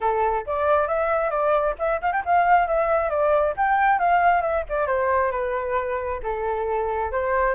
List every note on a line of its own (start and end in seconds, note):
0.00 0.45 A4
0.46 0.87 D5
0.87 1.30 E5
1.30 1.74 D5
1.78 2.01 E5
2.01 2.12 F5
2.12 2.23 G5
2.25 2.67 F5
2.67 3.09 E5
3.09 3.54 D5
3.56 3.99 G5
3.99 4.41 F5
4.41 4.63 E5
4.69 4.86 D5
4.86 5.31 C5
5.31 6.20 B4
6.22 7.11 A4
7.11 7.54 C5